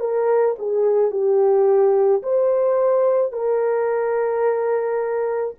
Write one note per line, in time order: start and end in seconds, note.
0.00 0.56 A#4
0.59 1.11 G#4
1.11 2.22 G4
2.23 3.32 C5
3.32 5.55 A#4